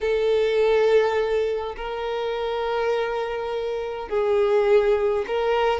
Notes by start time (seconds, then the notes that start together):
0.00 A4
1.76 A#4
4.08 G#4
5.27 A#4